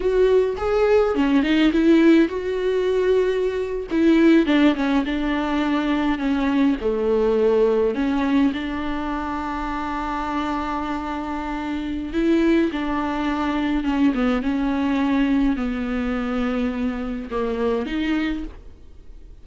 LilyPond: \new Staff \with { instrumentName = "viola" } { \time 4/4 \tempo 4 = 104 fis'4 gis'4 cis'8 dis'8 e'4 | fis'2~ fis'8. e'4 d'16~ | d'16 cis'8 d'2 cis'4 a16~ | a4.~ a16 cis'4 d'4~ d'16~ |
d'1~ | d'4 e'4 d'2 | cis'8 b8 cis'2 b4~ | b2 ais4 dis'4 | }